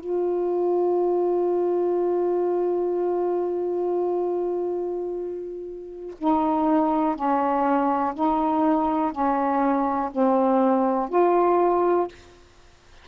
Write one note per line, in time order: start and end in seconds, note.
0.00 6.15 F4
6.18 7.16 D#4
7.16 8.14 C#4
8.15 9.12 D#4
9.12 10.10 C#4
10.11 11.10 C4
11.10 12.08 F4